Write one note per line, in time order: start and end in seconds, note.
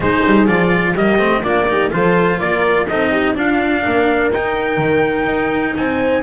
0.00 0.21 G#3
0.00 0.47 D#4
0.00 0.93 G#4
0.00 0.47 C5
0.25 0.47 G3
0.47 0.95 F3
0.47 0.95 F4
0.47 0.95 D5
0.93 1.18 G3
0.93 1.19 A#3
0.93 1.41 G4
0.93 1.43 D#5
1.18 1.42 A3
1.18 1.43 C4
1.43 1.91 A#3
1.43 1.67 D4
1.43 1.68 F4
1.43 1.91 D5
1.68 1.90 D#4
1.68 1.93 G4
1.90 2.41 F3
1.90 2.86 F4
1.90 2.39 A4
1.90 2.39 C5
2.39 2.89 A#3
2.39 2.87 A#4
2.39 2.87 D5
2.88 3.36 C4
2.88 3.34 D#4
2.88 3.11 A4
2.88 3.36 D#5
3.11 3.35 G4
3.34 4.30 D4
3.34 3.84 D4
3.34 3.83 F4
3.34 4.33 F5
3.84 4.32 A#3
3.84 5.76 A#4
4.32 4.77 D#4
4.32 6.22 D#4
4.32 5.76 G5
4.77 5.24 D#3
5.24 5.72 D#4
5.76 6.22 C4
5.76 6.22 C5
5.76 6.22 G#5